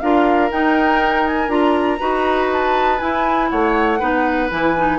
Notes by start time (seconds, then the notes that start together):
0.00 D4 F4 A#4 F5
0.50 D#4 G5
1.27 G#5
1.48 D4 F4 A#5
1.99 D#4 F#4 B4
2.52 A5
2.99 E4 G#5
3.50 A3 C#5 F#5
3.99 B3 D#4 B4
4.50 E3 E4 G#5
4.77 D#4